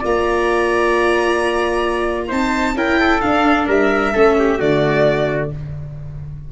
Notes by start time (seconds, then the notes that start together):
0.00 A#3 F4 D5
0.06 A#5
2.28 C4 D#4 C5 A5
2.75 C#4 E4 A#4 G5
3.00 A4
3.21 D4 F5
3.68 G3 A#4 E5
4.13 A3 C#4 A4
4.40 G4
4.59 D3 A3 F#4 D5